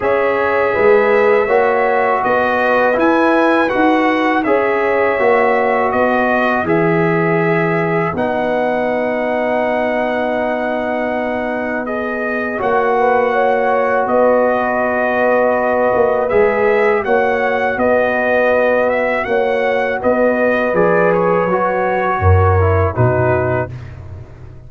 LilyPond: <<
  \new Staff \with { instrumentName = "trumpet" } { \time 4/4 \tempo 4 = 81 e''2. dis''4 | gis''4 fis''4 e''2 | dis''4 e''2 fis''4~ | fis''1 |
dis''4 fis''2 dis''4~ | dis''2 e''4 fis''4 | dis''4. e''8 fis''4 dis''4 | d''8 cis''2~ cis''8 b'4 | }
  \new Staff \with { instrumentName = "horn" } { \time 4/4 cis''4 b'4 cis''4 b'4~ | b'2 cis''2 | b'1~ | b'1~ |
b'4 cis''8 b'8 cis''4 b'4~ | b'2. cis''4 | b'2 cis''4 b'4~ | b'2 ais'4 fis'4 | }
  \new Staff \with { instrumentName = "trombone" } { \time 4/4 gis'2 fis'2 | e'4 fis'4 gis'4 fis'4~ | fis'4 gis'2 dis'4~ | dis'1 |
gis'4 fis'2.~ | fis'2 gis'4 fis'4~ | fis'1 | gis'4 fis'4. e'8 dis'4 | }
  \new Staff \with { instrumentName = "tuba" } { \time 4/4 cis'4 gis4 ais4 b4 | e'4 dis'4 cis'4 ais4 | b4 e2 b4~ | b1~ |
b4 ais2 b4~ | b4. ais8 gis4 ais4 | b2 ais4 b4 | f4 fis4 fis,4 b,4 | }
>>